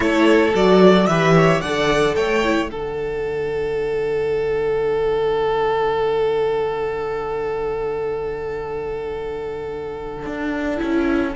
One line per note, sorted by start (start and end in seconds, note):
0.00 0.53 A3
0.00 0.51 E4
0.00 1.07 A4
0.00 0.53 C#5
0.54 1.07 F#3
0.54 1.08 F#4
0.54 1.06 D5
1.06 1.61 E3
1.06 1.63 G4
1.06 1.34 B4
1.06 1.60 E5
1.34 1.61 C#5
1.60 2.16 D3
1.60 2.44 A4
1.60 2.15 D5
1.60 2.14 F#5
2.15 2.70 A3
2.15 2.70 C#5
2.15 2.68 G5
2.44 2.70 E4
2.68 10.26 D3
2.68 10.77 D4
2.68 11.35 A4
2.68 11.33 F#5
10.26 10.80 D4
10.77 11.35 C#4
10.77 11.31 E4